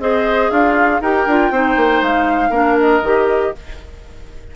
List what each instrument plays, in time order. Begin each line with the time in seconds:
0.00 bassoon C4, clarinet G#4, oboe C5, flute D#5
0.51 bassoon D4, oboe F4, flute F5
1.01 bassoon D#4, clarinet G4, oboe A#4, flute G5
1.27 bassoon D4, clarinet F4
1.51 bassoon C4, clarinet D#4, oboe C5
1.77 bassoon A#3
2.02 bassoon G#3, flute F5
2.50 bassoon A#3, clarinet D4, oboe A#4
2.80 flute D#5
3.03 bassoon D#3, clarinet G4